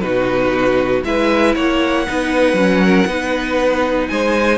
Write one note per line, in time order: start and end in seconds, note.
0.00 1.03 B2
0.00 1.04 D#4
0.00 1.05 F#4
0.00 1.02 B4
1.04 1.55 G#3
1.04 2.07 E4
1.04 1.55 B4
1.04 1.56 E5
1.55 2.07 A#3
1.55 2.06 C#5
1.55 4.08 F#5
2.07 2.54 B3
2.07 2.56 D#4
2.07 2.85 B4
2.54 3.04 F#3
2.54 3.07 C#4
2.85 3.08 A#4
3.07 4.09 B3
3.07 4.58 D#4
3.07 4.09 B4
4.08 4.58 G#3
4.08 4.58 C5
4.08 4.58 G#5